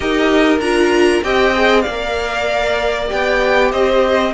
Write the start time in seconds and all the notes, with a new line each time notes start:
0.00 D#4 G4 A#4 D#5
0.59 D4 F4 A#5
1.23 C4 G4 D#5 G5
1.54 G#4
1.81 A#3 D5 F5
1.89 A#4
3.07 B3 G4 G5
3.71 C4 C5 D#5